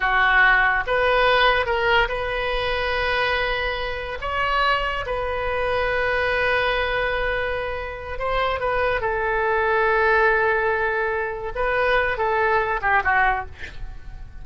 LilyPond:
\new Staff \with { instrumentName = "oboe" } { \time 4/4 \tempo 4 = 143 fis'2 b'2 | ais'4 b'2.~ | b'2 cis''2 | b'1~ |
b'2.~ b'8 c''8~ | c''8 b'4 a'2~ a'8~ | a'2.~ a'8 b'8~ | b'4 a'4. g'8 fis'4 | }